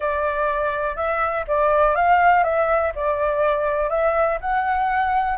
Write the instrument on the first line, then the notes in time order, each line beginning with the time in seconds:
flute
0.00 D5
0.96 E5
1.47 D5
1.95 F5
2.43 E5
2.95 D5
3.89 E5
4.41 F#5